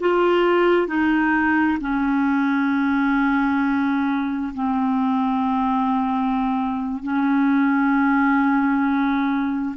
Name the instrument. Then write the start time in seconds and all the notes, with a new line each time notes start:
clarinet
0.00 F4
0.88 D#4
1.81 C#4
4.55 C4
7.03 C#4